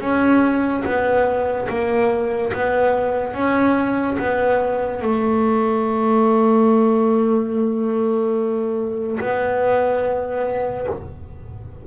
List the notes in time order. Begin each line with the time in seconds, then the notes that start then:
0.00 C#4
0.84 B3
1.69 A#3
2.53 B3
3.33 C#4
4.18 B3
5.02 A3
9.20 B3